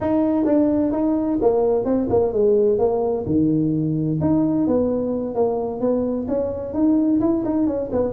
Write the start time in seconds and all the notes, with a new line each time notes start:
0.01 D#4
0.45 D4
0.92 D#4
1.41 A#3
1.84 C4
2.09 A#3
2.33 G#3
2.78 A#3
3.26 D#3
4.20 D#4
4.67 B3
5.34 A#3
5.80 B3
6.28 C#4
6.73 D#4
7.20 E4
7.44 D#4
7.66 C#4
7.92 B3